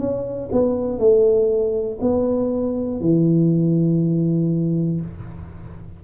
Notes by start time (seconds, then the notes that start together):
0.00 C#4
0.52 B3
0.99 A3
2.01 B3
3.01 E3